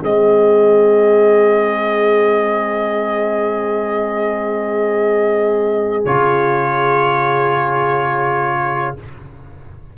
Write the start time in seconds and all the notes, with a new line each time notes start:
0.00 G#3 C4 G#4 D#5
6.05 C#3 F4 C#5